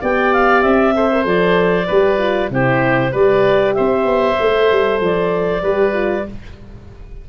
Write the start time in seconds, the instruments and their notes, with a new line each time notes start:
0.00 tuba B3, horn G4, oboe D5, clarinet G5
0.33 clarinet F5
0.62 tuba C4, clarinet E5
0.95 horn A4, oboe C5
1.11 horn A#4
1.22 tuba F3, horn A4, clarinet D5
1.87 tuba G3, horn G4, oboe B4
2.18 horn F4
2.50 tuba C3, horn E4, oboe G4, clarinet C5
3.11 tuba G3, horn G4, oboe B4, clarinet D5
3.74 tuba C4, oboe C5, clarinet E5
4.05 tuba B3
4.39 tuba A3, horn A4
4.71 tuba G3
5.00 tuba F3, clarinet D5
5.62 tuba G3, horn G4, oboe B4
5.93 horn F4